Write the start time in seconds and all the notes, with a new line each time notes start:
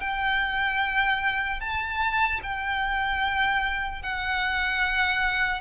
0.00 G5
1.60 A5
2.43 G5
4.02 F#5